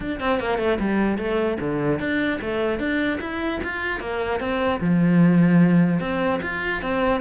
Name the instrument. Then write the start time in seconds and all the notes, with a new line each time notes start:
cello
0.00 D4
0.19 C4
0.39 A#3
0.58 A3
0.79 G3
1.18 A3
1.60 D3
1.99 D4
2.41 A3
2.79 D4
3.21 E4
3.63 F4
4.00 A#3
4.40 C4
4.80 F3
6.00 C4
6.42 F4
6.81 C4